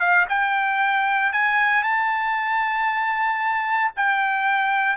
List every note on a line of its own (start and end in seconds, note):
0.00 0.26 F5
0.29 1.33 G5
1.33 1.84 G#5
1.84 3.92 A5
3.97 4.97 G5